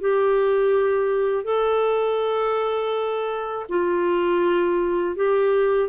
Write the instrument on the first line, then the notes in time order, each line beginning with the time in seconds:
clarinet
0.00 G4
1.44 A4
3.69 F4
5.15 G4